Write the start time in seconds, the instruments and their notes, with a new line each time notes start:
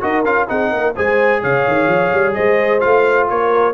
0.00 tuba D#4, trombone F#4, horn A#4, trumpet D#5
0.24 tuba C#4, trombone F4, trumpet F5
0.48 tuba C4, trombone D#4, horn G#4, trumpet F#5
0.71 tuba A#3, horn A#4
0.95 tuba G#3, trombone G#4, horn C5, trumpet G#5
1.41 tuba C#3, horn C#5, trumpet F5
1.67 tuba D#3
1.88 tuba F3
2.13 tuba G3
2.34 tuba G#3, horn C5, trumpet D#5
2.80 tuba A3, trombone F4, trumpet F5
3.29 tuba A#3, horn A#4, trumpet C#5